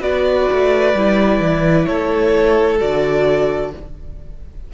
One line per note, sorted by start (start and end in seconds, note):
0.00 0.46 B3
0.00 0.93 F#4
0.00 1.86 B4
0.00 1.85 D5
0.52 0.94 A3
0.94 1.40 G3
0.94 2.79 E4
1.40 1.86 E3
1.85 2.80 A3
1.85 3.71 A4
1.85 2.77 C#5
2.79 3.73 D3
2.79 3.71 F#4
2.79 3.72 D5